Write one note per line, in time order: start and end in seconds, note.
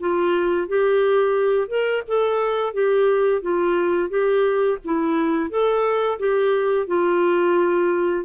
0.00 0.68 F4
0.68 1.68 G4
1.68 2.03 A#4
2.08 2.74 A4
2.74 3.42 G4
3.42 4.09 F4
4.09 4.78 G4
4.85 5.50 E4
5.50 6.19 A4
6.19 6.87 G4
6.87 8.25 F4